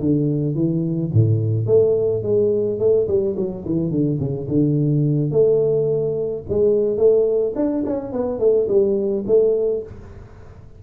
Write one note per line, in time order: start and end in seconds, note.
0.00 0.54 D3
0.54 1.10 E3
1.13 1.66 A2
1.66 2.22 A3
2.23 2.79 G#3
2.79 3.07 A3
3.07 3.35 G3
3.36 3.64 F#3
3.65 3.90 E3
3.90 4.19 D3
4.20 4.48 C#3
4.48 5.31 D3
5.31 6.43 A3
6.49 6.97 G#3
6.97 7.53 A3
7.55 7.83 D4
7.86 8.12 C#4
8.12 8.39 B3
8.39 8.67 A3
8.68 9.24 G3
9.27 9.83 A3